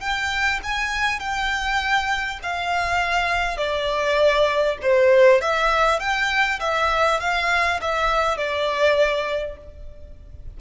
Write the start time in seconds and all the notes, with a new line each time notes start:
0.00 G5
0.63 G#5
1.20 G5
2.43 F5
3.57 D5
4.82 C5
5.41 E5
5.99 G5
6.60 E5
7.20 F5
7.81 E5
8.37 D5